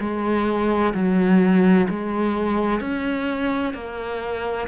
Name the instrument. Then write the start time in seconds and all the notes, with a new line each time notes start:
cello
0.00 G#3
0.94 F#3
1.90 G#3
2.81 C#4
3.74 A#3